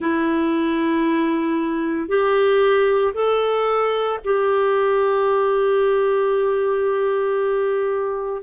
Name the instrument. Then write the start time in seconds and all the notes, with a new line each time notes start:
clarinet
0.00 E4
2.08 G4
3.13 A4
4.24 G4